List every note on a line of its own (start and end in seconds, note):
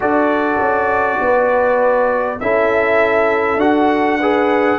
0.00 0.58 D4
0.00 2.38 F#4
0.00 1.20 A4
0.00 2.40 D5
0.58 1.18 C#4
1.20 2.40 B3
1.20 2.42 B4
2.40 3.56 C#4
2.40 3.59 E4
2.40 4.20 A4
2.40 3.60 E5
3.56 4.75 D4
3.56 4.19 F#4
3.56 4.79 F#5
4.20 4.79 G#4
4.20 4.79 B4